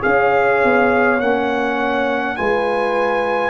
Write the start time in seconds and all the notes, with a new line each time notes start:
0.00 C#4 G#4 C#5 F5
0.63 B3
1.20 A#3 C#4 F#5
2.36 G#3 F4 B4 G#5